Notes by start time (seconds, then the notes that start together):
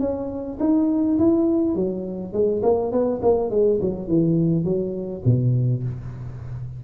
0.00 C#4
0.60 D#4
1.19 E4
1.75 F#3
2.33 G#3
2.63 A#3
2.92 B3
3.22 A#3
3.50 G#3
3.81 F#3
4.08 E3
4.64 F#3
5.25 B2